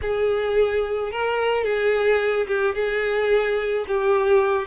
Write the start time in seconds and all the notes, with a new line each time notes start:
0.01 G#4
1.11 A#4
1.64 G#4
2.47 G4
2.74 G#4
3.87 G4